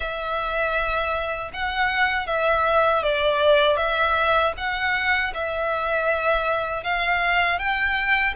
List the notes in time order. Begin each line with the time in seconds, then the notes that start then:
0.00 E5
1.53 F#5
2.26 E5
3.02 D5
3.76 E5
4.57 F#5
5.34 E5
6.83 F5
7.58 G5